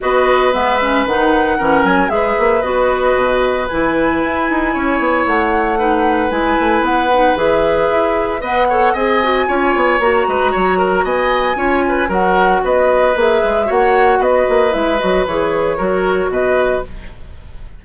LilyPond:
<<
  \new Staff \with { instrumentName = "flute" } { \time 4/4 \tempo 4 = 114 dis''4 e''4 fis''4. gis''8 | e''4 dis''2 gis''4~ | gis''2 fis''2 | gis''4 fis''4 e''2 |
fis''4 gis''2 ais''4~ | ais''4 gis''2 fis''4 | dis''4 e''4 fis''4 dis''4 | e''8 dis''8 cis''2 dis''4 | }
  \new Staff \with { instrumentName = "oboe" } { \time 4/4 b'2. ais'4 | b'1~ | b'4 cis''2 b'4~ | b'1 |
dis''8 cis''8 dis''4 cis''4. b'8 | cis''8 ais'8 dis''4 cis''8 b'8 ais'4 | b'2 cis''4 b'4~ | b'2 ais'4 b'4 | }
  \new Staff \with { instrumentName = "clarinet" } { \time 4/4 fis'4 b8 cis'8 dis'4 cis'4 | gis'4 fis'2 e'4~ | e'2. dis'4 | e'4. dis'8 gis'2 |
b'8 a'8 gis'8 fis'8 f'4 fis'4~ | fis'2 f'4 fis'4~ | fis'4 gis'4 fis'2 | e'8 fis'8 gis'4 fis'2 | }
  \new Staff \with { instrumentName = "bassoon" } { \time 4/4 b4 gis4 dis4 e8 fis8 | gis8 ais8 b4 b,4 e4 | e'8 dis'8 cis'8 b8 a2 | gis8 a8 b4 e4 e'4 |
b4 c'4 cis'8 b8 ais8 gis8 | fis4 b4 cis'4 fis4 | b4 ais8 gis8 ais4 b8 ais8 | gis8 fis8 e4 fis4 b,4 | }
>>